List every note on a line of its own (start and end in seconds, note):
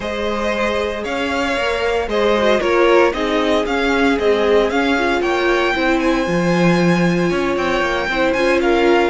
0.00 1.04 G#3
0.00 1.54 G#4
0.00 1.03 C5
0.00 1.04 D#5
1.03 1.56 C#4
1.03 2.08 C#5
1.03 2.08 F5
1.56 2.07 A#3
1.56 2.07 A#4
2.07 2.59 G#3
2.07 2.33 G#4
2.07 2.60 C5
2.07 2.60 D#5
2.37 2.60 F#4
2.60 3.12 A#3
2.60 3.12 F4
2.60 3.12 A#4
2.60 3.12 C#5
3.12 3.65 C4
3.12 3.65 D#4
3.12 5.22 G#4
3.12 3.65 D#5
3.66 4.18 C#4
3.66 4.18 F5
4.18 4.71 G#3
4.18 4.71 C4
4.18 4.70 D#5
4.70 4.97 C#4
4.70 5.21 C#4
4.70 5.21 F5
4.97 5.74 F4
5.21 5.73 A#3
5.21 5.74 C#5
5.21 5.99 G5
5.74 6.26 C4
5.74 6.26 E4
5.74 7.29 C5
5.99 7.55 G#5
6.26 7.31 F3
6.26 8.08 F4
7.29 7.56 C#4
7.29 8.07 C#5
7.56 7.81 C4
7.56 8.32 G5
7.81 8.07 A#3
8.08 8.34 C4
8.08 8.37 E4
8.08 8.62 C5
8.32 9.09 C#4
8.32 9.09 F4
8.32 8.58 G#5
8.61 9.09 A#4
8.61 9.09 F5